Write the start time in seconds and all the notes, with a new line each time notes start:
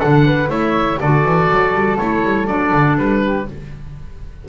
0.00 D3 D4 A4 F#5
0.26 B4
0.49 A3 E4 C#5 E5
1.00 D3 F#4 A4 D5
1.25 E3
1.50 F#3
1.73 G3
1.98 A3 E4 C#5
2.24 G3
2.47 F#3 D4 D5
2.73 D3
2.98 G3 B4
3.24 G4